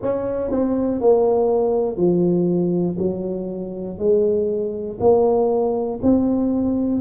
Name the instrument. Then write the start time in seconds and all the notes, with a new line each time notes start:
tuba
0.02 C#4
0.50 C4
1.00 A#3
1.96 F3
2.98 F#3
3.98 G#3
5.00 A#3
6.02 C4